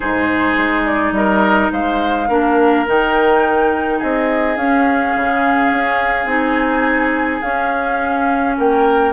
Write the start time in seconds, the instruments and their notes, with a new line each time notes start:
0.00 bassoon G#2, clarinet D#4, oboe G#4, flute C5
0.57 bassoon G#3
0.84 flute D5
1.11 bassoon G3, oboe A#4, flute D#5
1.72 bassoon G#3, oboe C5, flute F5
2.28 bassoon A#3, clarinet D4, oboe A#4
2.86 bassoon D#3, clarinet D#4, flute G5
3.98 bassoon C4, oboe G#4, flute D#5
4.56 bassoon C#4, clarinet C#4, flute F5
5.15 bassoon C#3
5.72 bassoon C#4
6.25 bassoon C4, clarinet D#4, flute G#5
7.41 bassoon C#4, clarinet C#4, flute F5
8.57 bassoon A#3, oboe A#4, flute G5